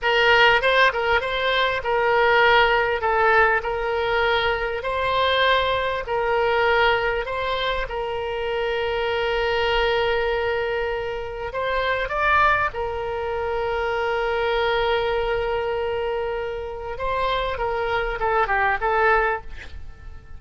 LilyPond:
\new Staff \with { instrumentName = "oboe" } { \time 4/4 \tempo 4 = 99 ais'4 c''8 ais'8 c''4 ais'4~ | ais'4 a'4 ais'2 | c''2 ais'2 | c''4 ais'2.~ |
ais'2. c''4 | d''4 ais'2.~ | ais'1 | c''4 ais'4 a'8 g'8 a'4 | }